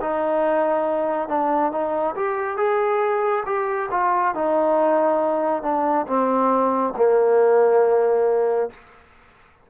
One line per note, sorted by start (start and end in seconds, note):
0.00 1.28 D#4
1.28 1.71 D4
1.71 2.15 D#4
2.15 2.57 G4
2.57 3.43 G#4
3.45 3.89 G4
3.91 4.34 F4
4.34 5.62 D#4
5.62 6.06 D4
6.07 6.94 C4
6.96 8.70 A#3